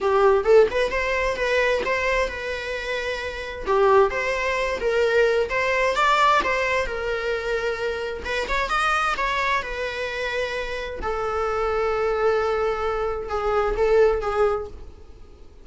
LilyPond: \new Staff \with { instrumentName = "viola" } { \time 4/4 \tempo 4 = 131 g'4 a'8 b'8 c''4 b'4 | c''4 b'2. | g'4 c''4. ais'4. | c''4 d''4 c''4 ais'4~ |
ais'2 b'8 cis''8 dis''4 | cis''4 b'2. | a'1~ | a'4 gis'4 a'4 gis'4 | }